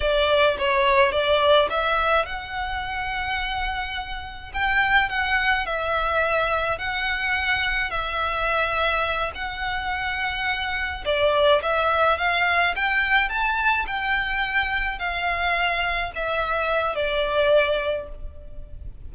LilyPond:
\new Staff \with { instrumentName = "violin" } { \time 4/4 \tempo 4 = 106 d''4 cis''4 d''4 e''4 | fis''1 | g''4 fis''4 e''2 | fis''2 e''2~ |
e''8 fis''2. d''8~ | d''8 e''4 f''4 g''4 a''8~ | a''8 g''2 f''4.~ | f''8 e''4. d''2 | }